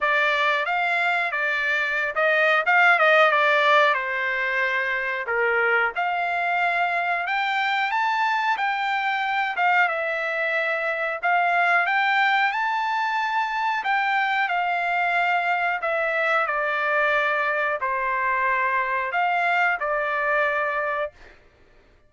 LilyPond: \new Staff \with { instrumentName = "trumpet" } { \time 4/4 \tempo 4 = 91 d''4 f''4 d''4~ d''16 dis''8. | f''8 dis''8 d''4 c''2 | ais'4 f''2 g''4 | a''4 g''4. f''8 e''4~ |
e''4 f''4 g''4 a''4~ | a''4 g''4 f''2 | e''4 d''2 c''4~ | c''4 f''4 d''2 | }